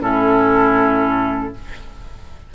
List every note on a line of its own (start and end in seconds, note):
0.00 1.53 A2
0.00 1.54 C#4
0.00 1.54 E4
0.00 1.54 A4